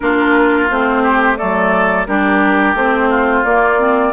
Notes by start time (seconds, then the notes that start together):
0.00 A#3 D4 F4 A#4
0.70 A3 C4 C5
1.03 G4
1.36 F#3 A3 A4 D5
2.06 G3 D4 G4 A#4
2.73 A3 C4 C5
3.09 F4
3.44 A#3 D5
3.79 C4